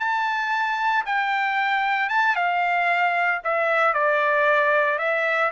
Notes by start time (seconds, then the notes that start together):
0.00 A5
1.06 G5
2.10 A5
2.36 F5
3.44 E5
3.94 D5
4.99 E5